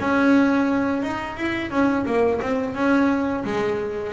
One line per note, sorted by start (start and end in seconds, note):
0.00 1.02 C#4
1.02 1.37 D#4
1.37 1.71 E4
1.71 2.05 C#4
2.06 2.40 A#3
2.41 2.75 C4
2.75 3.44 C#4
3.44 4.13 G#3